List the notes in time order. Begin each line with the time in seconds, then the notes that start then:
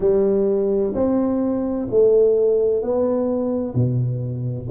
0.00 G3
0.94 C4
1.90 A3
2.82 B3
3.74 B2